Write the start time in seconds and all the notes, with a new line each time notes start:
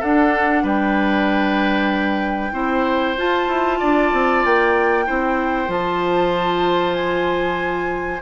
0.00 D4 A4 F#5
0.63 G3 B4 G5
2.53 C4 E4 C5
3.18 F4 A5
3.48 E4
3.79 D4 D5
4.13 C4
4.45 A#3 G5
5.06 C4 E4 C5
5.67 F3 F4 A5
6.94 G#5